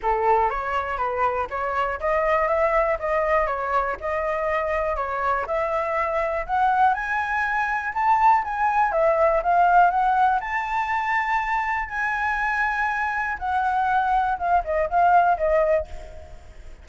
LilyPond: \new Staff \with { instrumentName = "flute" } { \time 4/4 \tempo 4 = 121 a'4 cis''4 b'4 cis''4 | dis''4 e''4 dis''4 cis''4 | dis''2 cis''4 e''4~ | e''4 fis''4 gis''2 |
a''4 gis''4 e''4 f''4 | fis''4 a''2. | gis''2. fis''4~ | fis''4 f''8 dis''8 f''4 dis''4 | }